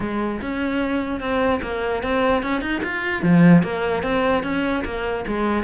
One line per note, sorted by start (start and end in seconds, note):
0.00 0.40 G#3
0.41 1.20 C#4
1.20 1.60 C4
1.62 2.02 A#3
2.02 2.43 C4
2.43 2.61 C#4
2.61 2.81 D#4
2.83 3.22 F4
3.22 3.62 F3
3.62 4.03 A#3
4.03 4.43 C4
4.43 4.83 C#4
4.84 5.25 A#3
5.27 5.63 G#3